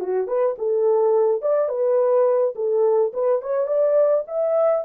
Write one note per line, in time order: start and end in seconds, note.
0.00 0.27 F#4
0.27 0.56 B4
0.58 1.42 A4
1.42 1.68 D5
1.68 2.54 B4
2.55 3.12 A4
3.13 3.42 B4
3.42 3.66 C#5
3.66 4.24 D5
4.27 4.84 E5